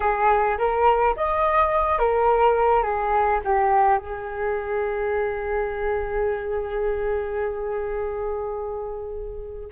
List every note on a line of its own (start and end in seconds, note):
0.00 0.57 G#4
0.57 1.15 A#4
1.16 1.98 D#5
1.98 2.83 A#4
2.83 3.40 G#4
3.44 3.98 G4
3.98 9.69 G#4